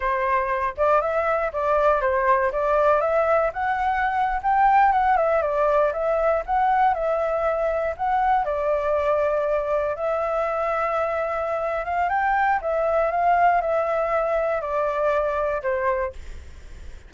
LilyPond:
\new Staff \with { instrumentName = "flute" } { \time 4/4 \tempo 4 = 119 c''4. d''8 e''4 d''4 | c''4 d''4 e''4 fis''4~ | fis''8. g''4 fis''8 e''8 d''4 e''16~ | e''8. fis''4 e''2 fis''16~ |
fis''8. d''2. e''16~ | e''2.~ e''8 f''8 | g''4 e''4 f''4 e''4~ | e''4 d''2 c''4 | }